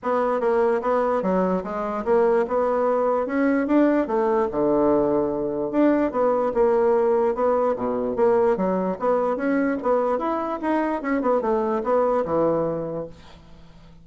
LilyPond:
\new Staff \with { instrumentName = "bassoon" } { \time 4/4 \tempo 4 = 147 b4 ais4 b4 fis4 | gis4 ais4 b2 | cis'4 d'4 a4 d4~ | d2 d'4 b4 |
ais2 b4 b,4 | ais4 fis4 b4 cis'4 | b4 e'4 dis'4 cis'8 b8 | a4 b4 e2 | }